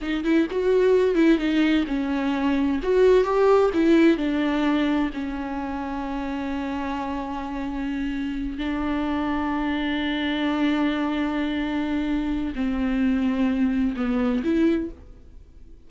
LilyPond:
\new Staff \with { instrumentName = "viola" } { \time 4/4 \tempo 4 = 129 dis'8 e'8 fis'4. e'8 dis'4 | cis'2 fis'4 g'4 | e'4 d'2 cis'4~ | cis'1~ |
cis'2~ cis'8 d'4.~ | d'1~ | d'2. c'4~ | c'2 b4 e'4 | }